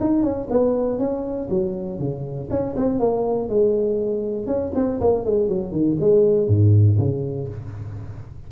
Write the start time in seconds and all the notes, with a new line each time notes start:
0.00 D#4
0.23 C#4
0.50 B3
0.98 C#4
1.49 F#3
1.99 C#3
2.50 C#4
2.76 C4
2.99 A#3
3.49 G#3
4.47 C#4
4.75 C4
5.00 A#3
5.25 G#3
5.48 F#3
5.72 D#3
6.00 G#3
6.47 G#2
6.98 C#3